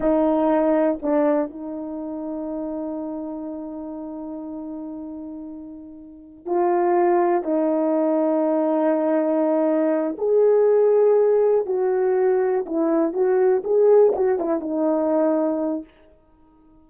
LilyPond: \new Staff \with { instrumentName = "horn" } { \time 4/4 \tempo 4 = 121 dis'2 d'4 dis'4~ | dis'1~ | dis'1~ | dis'4 f'2 dis'4~ |
dis'1~ | dis'8 gis'2. fis'8~ | fis'4. e'4 fis'4 gis'8~ | gis'8 fis'8 e'8 dis'2~ dis'8 | }